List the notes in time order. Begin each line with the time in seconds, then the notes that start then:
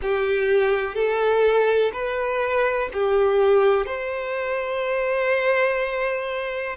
0.02 G4
0.94 A4
1.93 B4
2.93 G4
3.86 C5